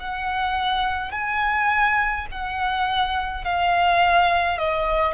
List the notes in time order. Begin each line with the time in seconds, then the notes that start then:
0.00 F#5
1.12 G#5
2.32 F#5
3.45 F5
4.58 D#5